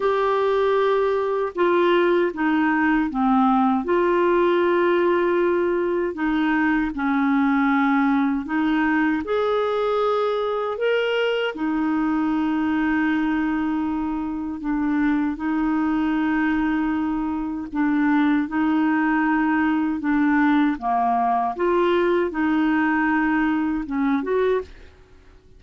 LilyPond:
\new Staff \with { instrumentName = "clarinet" } { \time 4/4 \tempo 4 = 78 g'2 f'4 dis'4 | c'4 f'2. | dis'4 cis'2 dis'4 | gis'2 ais'4 dis'4~ |
dis'2. d'4 | dis'2. d'4 | dis'2 d'4 ais4 | f'4 dis'2 cis'8 fis'8 | }